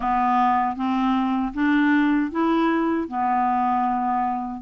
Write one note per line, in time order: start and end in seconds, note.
0.00 0.76 B3
0.76 1.52 C4
1.54 2.31 D4
2.31 3.08 E4
3.08 4.62 B3